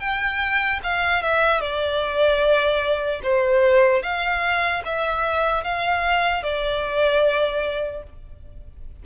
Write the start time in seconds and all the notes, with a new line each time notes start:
0.00 G5
0.84 F5
1.22 E5
1.61 D5
3.23 C5
4.03 F5
4.85 E5
5.64 F5
6.43 D5